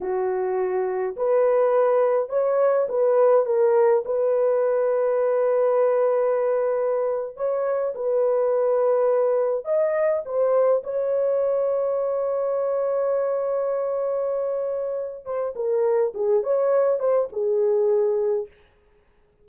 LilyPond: \new Staff \with { instrumentName = "horn" } { \time 4/4 \tempo 4 = 104 fis'2 b'2 | cis''4 b'4 ais'4 b'4~ | b'1~ | b'8. cis''4 b'2~ b'16~ |
b'8. dis''4 c''4 cis''4~ cis''16~ | cis''1~ | cis''2~ cis''8 c''8 ais'4 | gis'8 cis''4 c''8 gis'2 | }